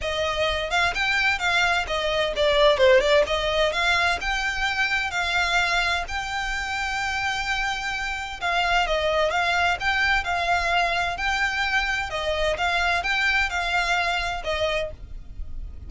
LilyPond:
\new Staff \with { instrumentName = "violin" } { \time 4/4 \tempo 4 = 129 dis''4. f''8 g''4 f''4 | dis''4 d''4 c''8 d''8 dis''4 | f''4 g''2 f''4~ | f''4 g''2.~ |
g''2 f''4 dis''4 | f''4 g''4 f''2 | g''2 dis''4 f''4 | g''4 f''2 dis''4 | }